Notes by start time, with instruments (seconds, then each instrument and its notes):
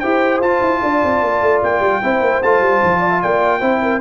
0.00 tuba E4, trombone G4, horn C5, trumpet G5
0.40 tuba F4, trombone F4, trumpet A5
0.61 tuba E4
0.83 tuba D4, horn D5
1.04 tuba C4
1.22 tuba A#3
1.42 tuba A3
1.63 tuba A#3, trumpet G5
1.80 tuba G3
2.03 tuba C4, trombone E4, horn C5
2.21 tuba A#3
2.43 tuba A3, trombone F4, trumpet A5
2.61 tuba G3
2.84 tuba F3
3.00 horn D5
3.10 horn E5
3.22 tuba A#3, horn D5, trumpet G5
3.60 tuba C4, trombone E4, horn C5
3.82 horn A#4